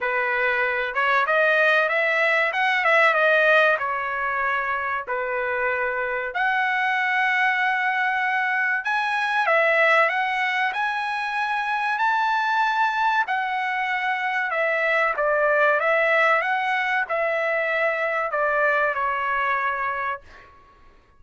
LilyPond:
\new Staff \with { instrumentName = "trumpet" } { \time 4/4 \tempo 4 = 95 b'4. cis''8 dis''4 e''4 | fis''8 e''8 dis''4 cis''2 | b'2 fis''2~ | fis''2 gis''4 e''4 |
fis''4 gis''2 a''4~ | a''4 fis''2 e''4 | d''4 e''4 fis''4 e''4~ | e''4 d''4 cis''2 | }